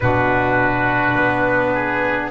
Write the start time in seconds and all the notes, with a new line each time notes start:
0.00 B2 D4 F#4 B4
1.15 B3
1.74 G#4